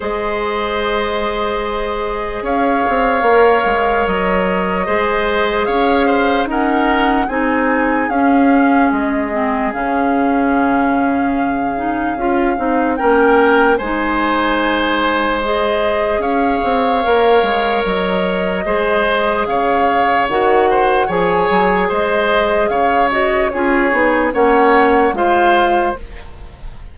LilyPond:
<<
  \new Staff \with { instrumentName = "flute" } { \time 4/4 \tempo 4 = 74 dis''2. f''4~ | f''4 dis''2 f''4 | fis''4 gis''4 f''4 dis''4 | f''1 |
g''4 gis''2 dis''4 | f''2 dis''2 | f''4 fis''4 gis''4 dis''4 | f''8 dis''8 cis''4 fis''4 f''4 | }
  \new Staff \with { instrumentName = "oboe" } { \time 4/4 c''2. cis''4~ | cis''2 c''4 cis''8 c''8 | ais'4 gis'2.~ | gis'1 |
ais'4 c''2. | cis''2. c''4 | cis''4. c''8 cis''4 c''4 | cis''4 gis'4 cis''4 c''4 | }
  \new Staff \with { instrumentName = "clarinet" } { \time 4/4 gis'1 | ais'2 gis'2 | cis'4 dis'4 cis'4. c'8 | cis'2~ cis'8 dis'8 f'8 dis'8 |
cis'4 dis'2 gis'4~ | gis'4 ais'2 gis'4~ | gis'4 fis'4 gis'2~ | gis'8 fis'8 f'8 dis'8 cis'4 f'4 | }
  \new Staff \with { instrumentName = "bassoon" } { \time 4/4 gis2. cis'8 c'8 | ais8 gis8 fis4 gis4 cis'4 | dis'4 c'4 cis'4 gis4 | cis2. cis'8 c'8 |
ais4 gis2. | cis'8 c'8 ais8 gis8 fis4 gis4 | cis4 dis4 f8 fis8 gis4 | cis4 cis'8 b8 ais4 gis4 | }
>>